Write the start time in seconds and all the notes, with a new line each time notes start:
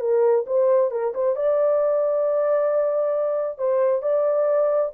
0.00 A#4
0.47 C5
0.91 A#4
1.14 C5
1.36 D5
3.58 C5
4.02 D5